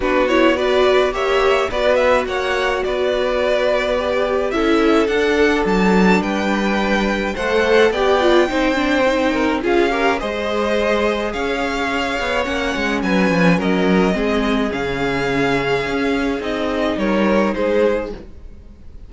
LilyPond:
<<
  \new Staff \with { instrumentName = "violin" } { \time 4/4 \tempo 4 = 106 b'8 cis''8 d''4 e''4 d''8 e''8 | fis''4 d''2. | e''4 fis''4 a''4 g''4~ | g''4 fis''4 g''2~ |
g''4 f''4 dis''2 | f''2 fis''4 gis''4 | dis''2 f''2~ | f''4 dis''4 cis''4 c''4 | }
  \new Staff \with { instrumentName = "violin" } { \time 4/4 fis'4 b'4 cis''4 b'4 | cis''4 b'2. | a'2. b'4~ | b'4 c''4 d''4 c''4~ |
c''8 ais'8 gis'8 ais'8 c''2 | cis''2. b'4 | ais'4 gis'2.~ | gis'2 ais'4 gis'4 | }
  \new Staff \with { instrumentName = "viola" } { \time 4/4 d'8 e'8 fis'4 g'4 fis'4~ | fis'2. g'4 | e'4 d'2.~ | d'4 a'4 g'8 f'8 dis'8 d'8 |
dis'4 f'8 g'8 gis'2~ | gis'2 cis'2~ | cis'4 c'4 cis'2~ | cis'4 dis'2. | }
  \new Staff \with { instrumentName = "cello" } { \time 4/4 b2 ais4 b4 | ais4 b2. | cis'4 d'4 fis4 g4~ | g4 a4 b4 c'4~ |
c'4 cis'4 gis2 | cis'4. b8 ais8 gis8 fis8 f8 | fis4 gis4 cis2 | cis'4 c'4 g4 gis4 | }
>>